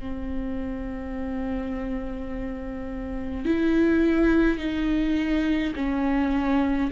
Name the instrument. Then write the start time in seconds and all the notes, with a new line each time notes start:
viola
0.00 C4
3.46 E4
4.59 D#4
5.76 C#4